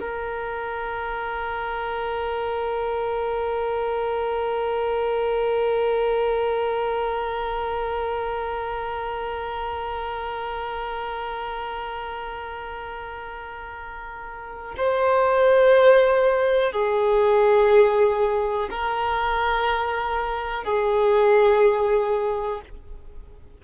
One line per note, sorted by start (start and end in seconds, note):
0.00 14.75 A#4
14.77 16.73 C5
16.73 18.69 G#4
18.70 20.64 A#4
20.64 22.61 G#4